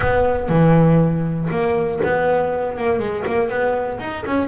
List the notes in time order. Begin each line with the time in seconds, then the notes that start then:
0.00 B3
0.49 E3
1.50 A#3
2.04 B3
2.77 A#3
2.99 G#3
3.26 A#3
3.49 B3
3.99 D#4
4.26 C#4